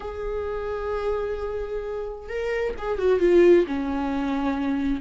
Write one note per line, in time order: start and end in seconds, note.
0.00 2.28 G#4
2.28 2.74 A#4
2.78 2.98 G#4
2.98 3.19 F#4
3.19 3.65 F4
3.66 5.00 C#4